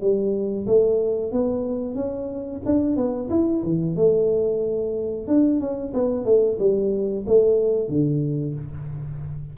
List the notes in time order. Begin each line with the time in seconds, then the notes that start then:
0.00 G3
0.66 A3
1.32 B3
1.95 C#4
2.65 D4
2.96 B3
3.29 E4
3.63 E3
3.95 A3
5.27 D4
5.60 C#4
5.93 B3
6.24 A3
6.59 G3
7.26 A3
7.88 D3